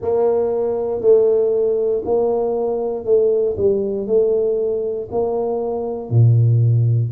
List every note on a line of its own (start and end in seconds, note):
0.01 1.00 A#3
1.00 2.02 A3
2.04 3.04 A#3
3.04 3.55 A3
3.57 4.07 G3
4.07 5.08 A3
5.11 6.10 A#3
6.10 7.11 A#2